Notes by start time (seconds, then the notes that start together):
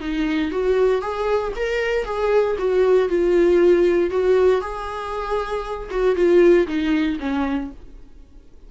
0.00 D#4
0.51 F#4
1.01 G#4
1.56 A#4
2.05 G#4
2.58 F#4
3.09 F4
4.10 F#4
4.61 G#4
5.90 F#4
6.15 F4
6.67 D#4
7.19 C#4